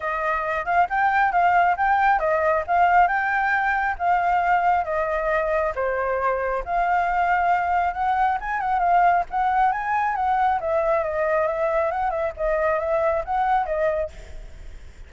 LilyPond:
\new Staff \with { instrumentName = "flute" } { \time 4/4 \tempo 4 = 136 dis''4. f''8 g''4 f''4 | g''4 dis''4 f''4 g''4~ | g''4 f''2 dis''4~ | dis''4 c''2 f''4~ |
f''2 fis''4 gis''8 fis''8 | f''4 fis''4 gis''4 fis''4 | e''4 dis''4 e''4 fis''8 e''8 | dis''4 e''4 fis''4 dis''4 | }